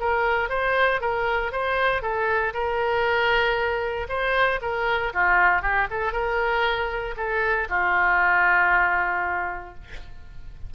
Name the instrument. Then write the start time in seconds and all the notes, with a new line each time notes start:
oboe
0.00 A#4
0.49 C5
1.01 A#4
1.52 C5
2.02 A4
2.53 A#4
4.09 C5
4.62 A#4
5.14 F4
5.62 G4
5.90 A4
6.12 A#4
7.17 A4
7.69 F4